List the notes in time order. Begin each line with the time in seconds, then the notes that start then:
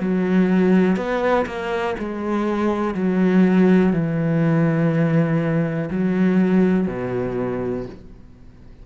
0.00 F#3
0.97 B3
1.46 A#3
1.99 G#3
2.94 F#3
3.93 E3
5.90 F#3
6.88 B2